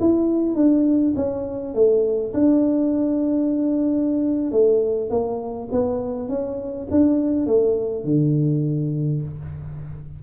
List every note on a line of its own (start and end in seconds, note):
0.00 0.55 E4
0.55 1.14 D4
1.16 1.74 C#4
1.74 2.33 A3
2.34 4.52 D4
4.52 5.10 A3
5.10 5.69 A#3
5.71 6.29 B3
6.29 6.88 C#4
6.91 7.47 D4
7.47 8.05 A3
8.05 9.22 D3